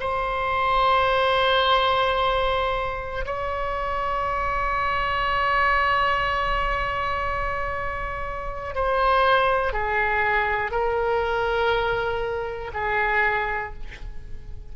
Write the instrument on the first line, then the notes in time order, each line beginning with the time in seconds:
oboe
0.00 C5
3.25 C#5
8.75 C5
9.73 G#4
10.71 A#4
12.74 G#4